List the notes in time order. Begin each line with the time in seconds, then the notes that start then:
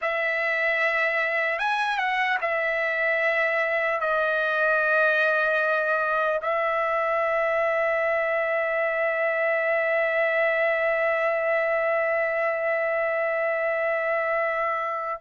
0.01 E5
1.58 G#5
1.98 F#5
2.41 E5
4.00 D#5
6.42 E5